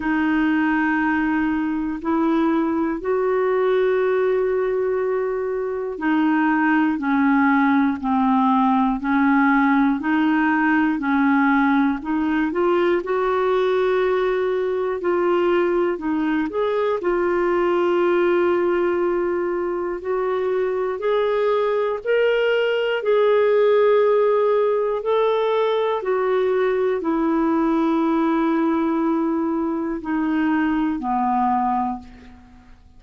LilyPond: \new Staff \with { instrumentName = "clarinet" } { \time 4/4 \tempo 4 = 60 dis'2 e'4 fis'4~ | fis'2 dis'4 cis'4 | c'4 cis'4 dis'4 cis'4 | dis'8 f'8 fis'2 f'4 |
dis'8 gis'8 f'2. | fis'4 gis'4 ais'4 gis'4~ | gis'4 a'4 fis'4 e'4~ | e'2 dis'4 b4 | }